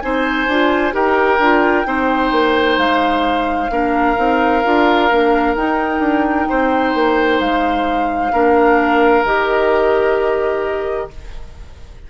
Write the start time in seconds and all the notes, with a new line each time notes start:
0.00 C4 D#4 C5 G#5
0.47 D4 F4
0.92 D#4 G4 A#4 G5
1.38 D4 F4
1.84 C4 D#4 C5
2.31 A#3
2.77 G#3 F5
3.70 A#3 D4 A#4
4.16 C4 D#4
4.64 D4 F4
5.10 A#3 D4
5.55 D#4 G5
5.99 D4
6.49 C4 C5
6.94 A#3
7.40 G#3 F5
8.32 A#3 D4 A#4
9.24 D#3 G4 D#5